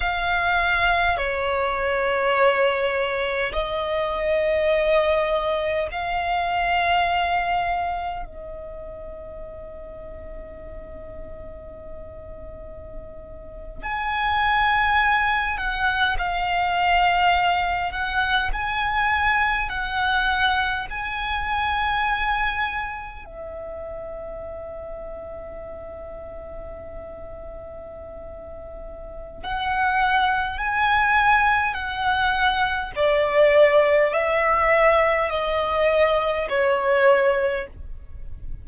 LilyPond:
\new Staff \with { instrumentName = "violin" } { \time 4/4 \tempo 4 = 51 f''4 cis''2 dis''4~ | dis''4 f''2 dis''4~ | dis''2.~ dis''8. gis''16~ | gis''4~ gis''16 fis''8 f''4. fis''8 gis''16~ |
gis''8. fis''4 gis''2 e''16~ | e''1~ | e''4 fis''4 gis''4 fis''4 | d''4 e''4 dis''4 cis''4 | }